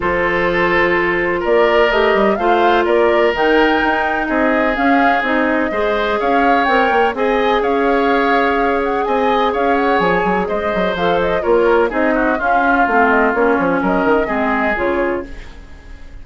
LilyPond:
<<
  \new Staff \with { instrumentName = "flute" } { \time 4/4 \tempo 4 = 126 c''2. d''4 | dis''4 f''4 d''4 g''4~ | g''4 dis''4 f''4 dis''4~ | dis''4 f''4 g''4 gis''4 |
f''2~ f''8 fis''8 gis''4 | f''8 fis''8 gis''4 dis''4 f''8 dis''8 | cis''4 dis''4 f''4. dis''8 | cis''4 dis''2 cis''4 | }
  \new Staff \with { instrumentName = "oboe" } { \time 4/4 a'2. ais'4~ | ais'4 c''4 ais'2~ | ais'4 gis'2. | c''4 cis''2 dis''4 |
cis''2. dis''4 | cis''2 c''2 | ais'4 gis'8 fis'8 f'2~ | f'4 ais'4 gis'2 | }
  \new Staff \with { instrumentName = "clarinet" } { \time 4/4 f'1 | g'4 f'2 dis'4~ | dis'2 cis'4 dis'4 | gis'2 ais'4 gis'4~ |
gis'1~ | gis'2. a'4 | f'4 dis'4 cis'4 c'4 | cis'2 c'4 f'4 | }
  \new Staff \with { instrumentName = "bassoon" } { \time 4/4 f2. ais4 | a8 g8 a4 ais4 dis4 | dis'4 c'4 cis'4 c'4 | gis4 cis'4 c'8 ais8 c'4 |
cis'2. c'4 | cis'4 f8 fis8 gis8 fis8 f4 | ais4 c'4 cis'4 a4 | ais8 f8 fis8 dis8 gis4 cis4 | }
>>